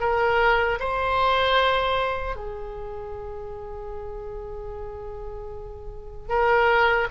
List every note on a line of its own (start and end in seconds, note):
0.00 0.79 A#4
0.80 2.36 C5
2.36 6.29 G#4
6.29 7.08 A#4